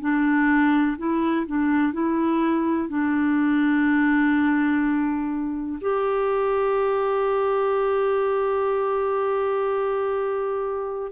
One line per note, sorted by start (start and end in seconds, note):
0.00 0.97 D4
0.98 1.46 E4
1.46 1.93 D4
1.93 2.89 E4
2.89 5.79 D4
5.81 11.12 G4